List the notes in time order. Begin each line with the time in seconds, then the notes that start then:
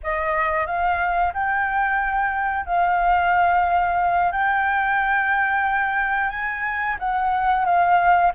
0.03 D#5
0.66 F5
1.33 G5
2.65 F5
4.32 G5
6.29 G#5
6.99 F#5
7.65 F5